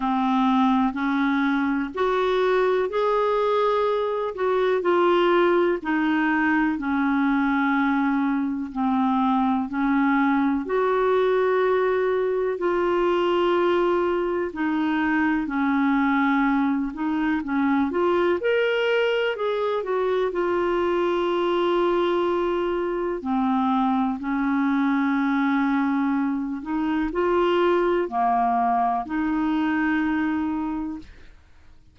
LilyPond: \new Staff \with { instrumentName = "clarinet" } { \time 4/4 \tempo 4 = 62 c'4 cis'4 fis'4 gis'4~ | gis'8 fis'8 f'4 dis'4 cis'4~ | cis'4 c'4 cis'4 fis'4~ | fis'4 f'2 dis'4 |
cis'4. dis'8 cis'8 f'8 ais'4 | gis'8 fis'8 f'2. | c'4 cis'2~ cis'8 dis'8 | f'4 ais4 dis'2 | }